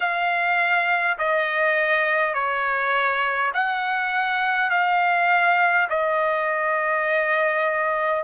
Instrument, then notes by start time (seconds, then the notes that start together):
trumpet
0.00 F5
1.18 D#5
2.34 C#5
3.53 F#5
4.70 F5
5.89 D#5